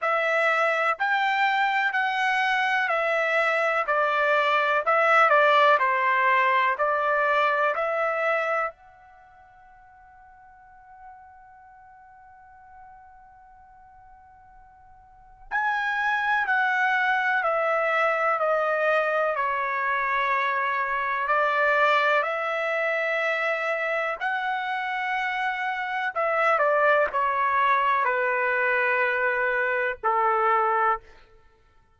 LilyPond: \new Staff \with { instrumentName = "trumpet" } { \time 4/4 \tempo 4 = 62 e''4 g''4 fis''4 e''4 | d''4 e''8 d''8 c''4 d''4 | e''4 fis''2.~ | fis''1 |
gis''4 fis''4 e''4 dis''4 | cis''2 d''4 e''4~ | e''4 fis''2 e''8 d''8 | cis''4 b'2 a'4 | }